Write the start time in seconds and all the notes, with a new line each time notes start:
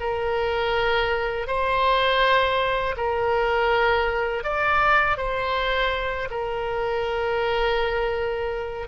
0.00 A#4
1.47 C5
2.97 A#4
4.44 D5
5.17 C5
6.31 A#4